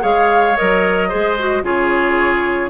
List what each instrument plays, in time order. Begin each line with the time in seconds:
0.00 bassoon G#3, clarinet G#4, oboe C#5, flute F5
0.57 bassoon F#3, clarinet A#4, flute D#5
1.09 bassoon G#3, clarinet G#4, oboe C5
1.39 clarinet F#4
1.63 bassoon C#3, clarinet F4, oboe G#4, flute C#5